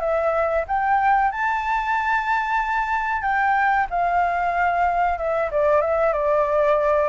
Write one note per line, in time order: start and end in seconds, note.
0.00 0.65 E5
0.67 1.31 G5
1.31 3.22 A5
3.22 3.87 G5
3.90 5.18 F5
5.18 5.50 E5
5.51 5.81 D5
5.81 6.13 E5
6.13 7.09 D5